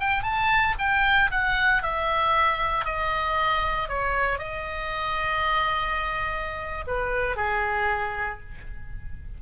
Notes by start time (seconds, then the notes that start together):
0.00 G5
0.23 A5
0.79 G5
1.31 F#5
1.82 E5
2.85 D#5
3.88 C#5
4.39 D#5
6.87 B4
7.36 G#4